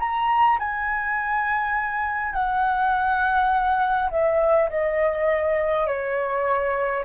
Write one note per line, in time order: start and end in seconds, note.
0.00 0.59 A#5
0.59 2.34 G#5
2.34 4.10 F#5
4.11 4.70 E5
4.70 5.87 D#5
5.87 7.05 C#5